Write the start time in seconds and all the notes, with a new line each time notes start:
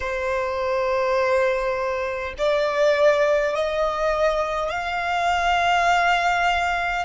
0.00 C5
2.37 D5
3.55 D#5
4.70 F5